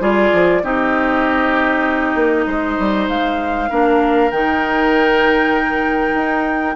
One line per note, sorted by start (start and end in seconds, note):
0.00 0.31 G3
0.00 0.61 F4
0.00 0.62 G#4
0.00 0.64 D5
0.33 0.63 F3
0.63 2.15 C4
0.63 3.69 D#4
0.63 2.47 G4
0.63 3.08 D#5
2.15 2.46 A#3
2.46 2.77 G#3
2.46 3.69 C5
2.79 3.09 G3
3.08 3.70 G#3
3.08 4.31 F5
3.69 4.31 A#3
3.69 4.31 D4
3.69 6.76 A#4
4.31 6.14 D#3
4.31 6.76 D#4
4.31 6.76 G5
6.14 6.75 D#4